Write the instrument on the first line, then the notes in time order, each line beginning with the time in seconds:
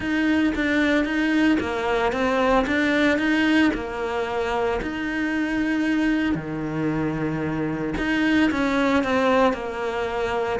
cello
0.00 D#4
0.55 D4
1.04 D#4
1.60 A#3
2.12 C4
2.67 D4
3.18 D#4
3.74 A#3
4.81 D#4
6.34 D#3
7.97 D#4
8.51 C#4
9.03 C4
9.53 A#3